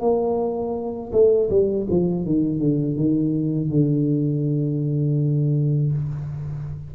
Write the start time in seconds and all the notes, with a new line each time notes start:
0.00 A#3
1.12 A3
1.49 G3
1.90 F3
2.25 D#3
2.59 D3
2.96 D#3
3.70 D3